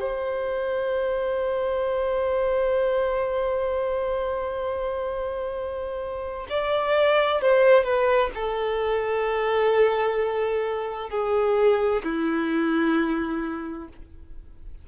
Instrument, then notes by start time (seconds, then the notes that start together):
violin
0.00 C5
6.49 D5
7.41 C5
7.84 B4
8.35 A4
11.10 G#4
12.04 E4